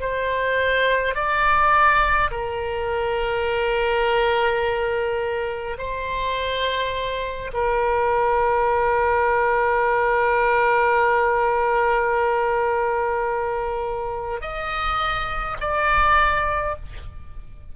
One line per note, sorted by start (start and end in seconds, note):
0.00 1.15 C5
1.15 2.30 D5
2.31 5.77 A#4
5.78 7.51 C5
7.53 14.41 A#4
14.41 15.57 D#5
15.60 16.76 D5